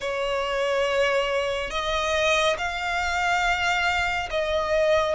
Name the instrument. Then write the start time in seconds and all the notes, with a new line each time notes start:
violin
0.00 C#5
1.70 D#5
2.58 F5
4.30 D#5